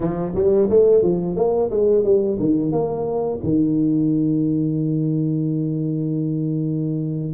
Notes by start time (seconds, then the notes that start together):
0.00 F3
0.35 G3
0.69 A3
1.03 F3
1.36 A#3
1.70 G#3
2.03 G3
2.39 D#3
2.71 A#3
3.43 D#3